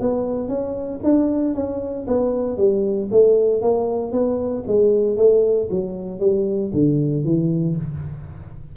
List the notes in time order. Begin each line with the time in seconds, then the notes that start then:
0.00 B3
0.49 C#4
1.04 D4
1.55 C#4
2.07 B3
2.57 G3
3.12 A3
3.62 A#3
4.12 B3
4.68 G#3
5.17 A3
5.71 F#3
6.20 G3
6.74 D3
7.25 E3